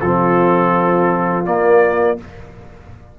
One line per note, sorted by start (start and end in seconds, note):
0.00 1.46 F3
0.00 1.45 C4
0.00 2.18 F4
0.00 1.45 A4
1.45 2.17 A#3
1.45 2.18 A#3
1.45 2.18 D5